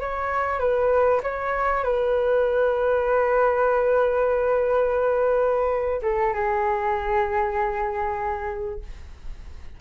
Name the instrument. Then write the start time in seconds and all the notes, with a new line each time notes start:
flute
0.00 C#5
0.59 B4
1.23 C#5
1.84 B4
6.03 A4
6.33 G#4